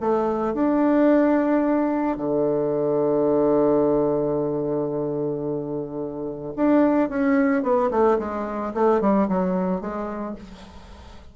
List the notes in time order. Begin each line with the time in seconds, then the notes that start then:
0.00 A3
0.54 D4
2.17 D3
6.56 D4
7.09 C#4
7.62 B3
7.90 A3
8.18 G#3
8.74 A3
9.01 G3
9.28 F#3
9.81 G#3